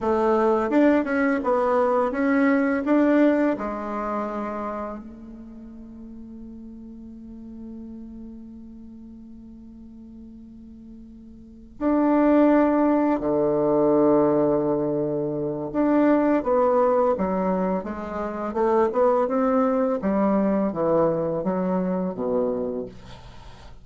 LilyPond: \new Staff \with { instrumentName = "bassoon" } { \time 4/4 \tempo 4 = 84 a4 d'8 cis'8 b4 cis'4 | d'4 gis2 a4~ | a1~ | a1~ |
a8 d'2 d4.~ | d2 d'4 b4 | fis4 gis4 a8 b8 c'4 | g4 e4 fis4 b,4 | }